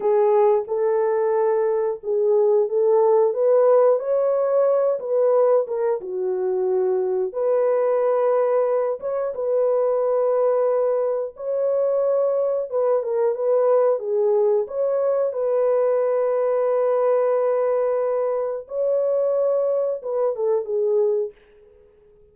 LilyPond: \new Staff \with { instrumentName = "horn" } { \time 4/4 \tempo 4 = 90 gis'4 a'2 gis'4 | a'4 b'4 cis''4. b'8~ | b'8 ais'8 fis'2 b'4~ | b'4. cis''8 b'2~ |
b'4 cis''2 b'8 ais'8 | b'4 gis'4 cis''4 b'4~ | b'1 | cis''2 b'8 a'8 gis'4 | }